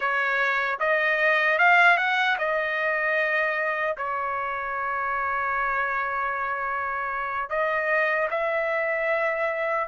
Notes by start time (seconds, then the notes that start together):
0.00 C#5
0.79 D#5
1.58 F5
1.97 F#5
2.38 D#5
3.97 C#5
7.49 D#5
8.30 E5